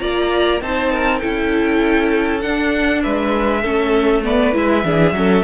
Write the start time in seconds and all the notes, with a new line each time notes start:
0.00 A#3 F4 D5 A#5
0.61 C4 D#4 C5 A5
0.92 A#4
1.19 C#4 E4 A4 G5
2.41 D4 F#5
3.03 G#3 B4 E5
3.62 A3 C#4 A4
4.24 B3 B4 D5
4.53 G#3 E4 E5
4.84 E3 D4 G#4
5.12 F#3 C#4 A4